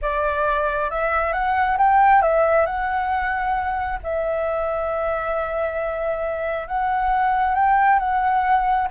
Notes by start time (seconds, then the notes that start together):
0.01 D5
0.90 E5
1.32 F#5
1.77 G5
2.22 E5
2.65 F#5
4.03 E5
6.67 F#5
7.55 G5
7.99 F#5